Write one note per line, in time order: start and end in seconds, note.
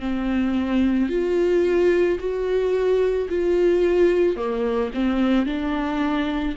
0.00 1.09 C4
1.09 2.18 F4
2.19 3.28 F#4
3.29 4.36 F4
4.36 4.91 A#3
4.94 5.46 C4
5.46 6.55 D4